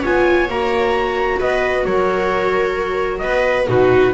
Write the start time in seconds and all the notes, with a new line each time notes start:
0.00 B3 F4 C#5 G#5
0.48 A#3 F#4 A#5
1.39 B3 B4 D#5
1.85 F#3 A#4 C#5
3.18 B3 B4 D#5
3.67 B2 D#4 F#4 B4